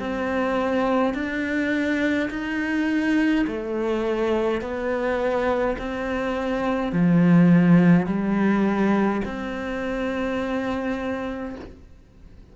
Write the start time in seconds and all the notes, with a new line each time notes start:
0.00 C4
1.14 D4
2.30 D#4
3.47 A3
4.62 B3
5.78 C4
6.92 F3
8.07 G3
9.25 C4